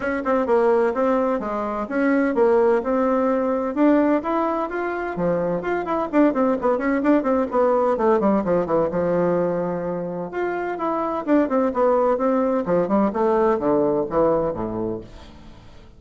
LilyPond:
\new Staff \with { instrumentName = "bassoon" } { \time 4/4 \tempo 4 = 128 cis'8 c'8 ais4 c'4 gis4 | cis'4 ais4 c'2 | d'4 e'4 f'4 f4 | f'8 e'8 d'8 c'8 b8 cis'8 d'8 c'8 |
b4 a8 g8 f8 e8 f4~ | f2 f'4 e'4 | d'8 c'8 b4 c'4 f8 g8 | a4 d4 e4 a,4 | }